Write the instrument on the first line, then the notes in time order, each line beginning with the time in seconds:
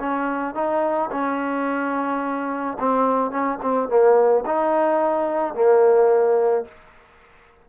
trombone
0.00 C#4
0.55 D#4
1.11 C#4
2.80 C4
3.31 C#4
3.62 C4
3.89 A#3
4.46 D#4
5.55 A#3